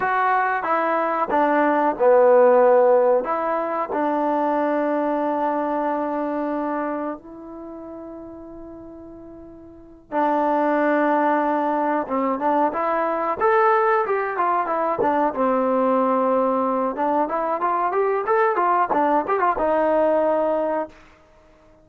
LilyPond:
\new Staff \with { instrumentName = "trombone" } { \time 4/4 \tempo 4 = 92 fis'4 e'4 d'4 b4~ | b4 e'4 d'2~ | d'2. e'4~ | e'2.~ e'8 d'8~ |
d'2~ d'8 c'8 d'8 e'8~ | e'8 a'4 g'8 f'8 e'8 d'8 c'8~ | c'2 d'8 e'8 f'8 g'8 | a'8 f'8 d'8 g'16 f'16 dis'2 | }